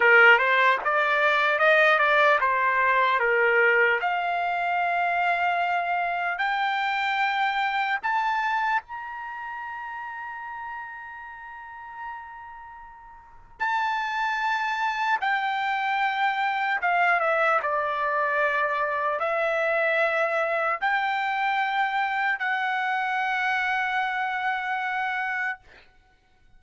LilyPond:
\new Staff \with { instrumentName = "trumpet" } { \time 4/4 \tempo 4 = 75 ais'8 c''8 d''4 dis''8 d''8 c''4 | ais'4 f''2. | g''2 a''4 ais''4~ | ais''1~ |
ais''4 a''2 g''4~ | g''4 f''8 e''8 d''2 | e''2 g''2 | fis''1 | }